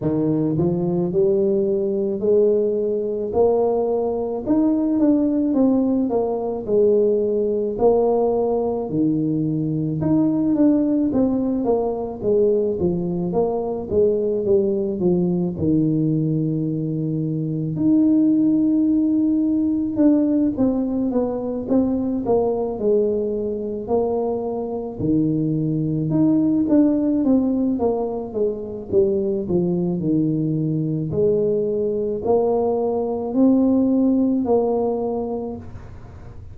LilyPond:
\new Staff \with { instrumentName = "tuba" } { \time 4/4 \tempo 4 = 54 dis8 f8 g4 gis4 ais4 | dis'8 d'8 c'8 ais8 gis4 ais4 | dis4 dis'8 d'8 c'8 ais8 gis8 f8 | ais8 gis8 g8 f8 dis2 |
dis'2 d'8 c'8 b8 c'8 | ais8 gis4 ais4 dis4 dis'8 | d'8 c'8 ais8 gis8 g8 f8 dis4 | gis4 ais4 c'4 ais4 | }